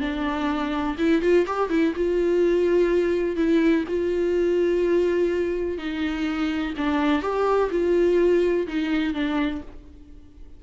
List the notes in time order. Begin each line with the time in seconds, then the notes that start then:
0.00 D4
0.98 E4
1.21 F4
1.46 G4
1.69 E4
1.95 F4
3.36 E4
3.88 F4
5.77 D#4
6.77 D4
7.22 G4
7.70 F4
8.67 D#4
9.13 D4